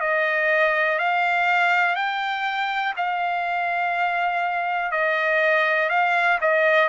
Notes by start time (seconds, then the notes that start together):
0.00 D#5
0.98 F5
1.95 G5
2.96 F5
4.91 D#5
5.89 F5
6.41 D#5